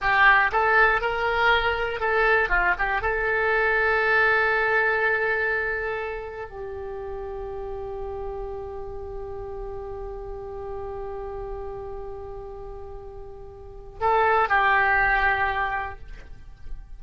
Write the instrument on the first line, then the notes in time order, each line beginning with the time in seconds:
oboe
0.01 G4
0.52 A4
1.01 A#4
2.00 A4
2.49 F4
2.78 G4
3.01 A4
6.49 G4
14.00 A4
14.48 G4